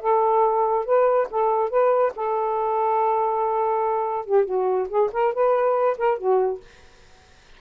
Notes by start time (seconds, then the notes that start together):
0.00 A4
0.85 B4
1.30 A4
1.69 B4
2.15 A4
4.25 G4
4.45 F#4
4.89 G#4
5.12 A#4
5.33 B4
5.97 A#4
6.18 F#4